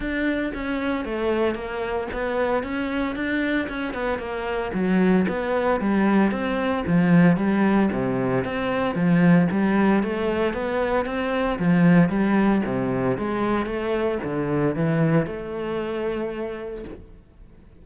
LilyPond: \new Staff \with { instrumentName = "cello" } { \time 4/4 \tempo 4 = 114 d'4 cis'4 a4 ais4 | b4 cis'4 d'4 cis'8 b8 | ais4 fis4 b4 g4 | c'4 f4 g4 c4 |
c'4 f4 g4 a4 | b4 c'4 f4 g4 | c4 gis4 a4 d4 | e4 a2. | }